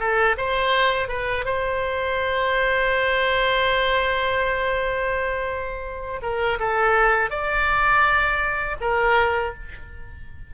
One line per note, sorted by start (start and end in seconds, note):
0.00 0.37 A4
0.38 1.09 C5
1.09 1.45 B4
1.45 6.21 C5
6.22 6.59 A#4
6.60 7.30 A4
7.30 8.77 D5
8.81 9.54 A#4